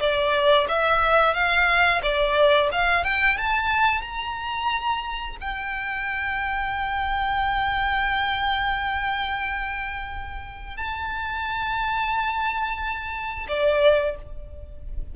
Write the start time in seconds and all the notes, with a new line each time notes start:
0.00 D5
0.68 E5
1.34 F5
2.02 D5
2.72 F5
3.04 G5
3.38 A5
4.02 A#5
5.41 G5
10.77 A5
13.48 D5